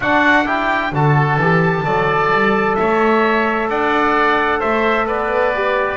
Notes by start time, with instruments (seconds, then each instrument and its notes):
0.00 double bass D4, trombone D4, oboe F#4, trumpet F#5
0.45 trombone E4, oboe G4, trumpet G5
0.92 double bass D3, trombone F#4, oboe A4, trumpet A5
1.37 double bass E3, trombone G4
1.84 double bass F#3, trombone A4, oboe D5
2.31 double bass G3
2.75 double bass A3, oboe C#5, trumpet E5
3.69 double bass D4, oboe D5, trumpet F#5
4.59 double bass A3, oboe C5, trumpet E5
5.06 double bass B3, oboe B4, trumpet D5
5.53 trombone G4